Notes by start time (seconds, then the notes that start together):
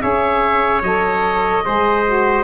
0.00 C#4 G#4 C#5 E5
0.82 F#3 A4 D#5
1.63 G#3 G#4 C5
2.06 F#4